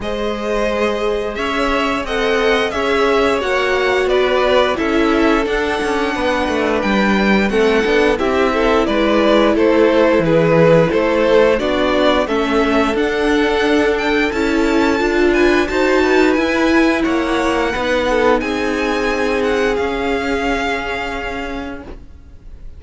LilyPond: <<
  \new Staff \with { instrumentName = "violin" } { \time 4/4 \tempo 4 = 88 dis''2 e''4 fis''4 | e''4 fis''4 d''4 e''4 | fis''2 g''4 fis''4 | e''4 d''4 c''4 b'4 |
c''4 d''4 e''4 fis''4~ | fis''8 g''8 a''4. gis''8 a''4 | gis''4 fis''2 gis''4~ | gis''8 fis''8 f''2. | }
  \new Staff \with { instrumentName = "violin" } { \time 4/4 c''2 cis''4 dis''4 | cis''2 b'4 a'4~ | a'4 b'2 a'4 | g'8 a'8 b'4 a'4 gis'4 |
a'4 fis'4 a'2~ | a'2~ a'8 b'8 c''8 b'8~ | b'4 cis''4 b'8 a'8 gis'4~ | gis'1 | }
  \new Staff \with { instrumentName = "viola" } { \time 4/4 gis'2. a'4 | gis'4 fis'2 e'4 | d'2. c'8 d'8 | e'1~ |
e'4 d'4 cis'4 d'4~ | d'4 e'4 f'4 fis'4 | e'2 dis'2~ | dis'4 cis'2. | }
  \new Staff \with { instrumentName = "cello" } { \time 4/4 gis2 cis'4 c'4 | cis'4 ais4 b4 cis'4 | d'8 cis'8 b8 a8 g4 a8 b8 | c'4 gis4 a4 e4 |
a4 b4 a4 d'4~ | d'4 cis'4 d'4 dis'4 | e'4 ais4 b4 c'4~ | c'4 cis'2. | }
>>